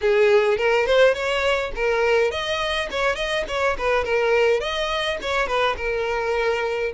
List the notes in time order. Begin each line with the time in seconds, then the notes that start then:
0.01 G#4
0.57 A#4
0.86 C5
1.14 C#5
1.75 A#4
2.31 D#5
2.90 C#5
3.15 D#5
3.47 C#5
3.78 B4
4.04 A#4
4.60 D#5
5.21 C#5
5.47 B4
5.76 A#4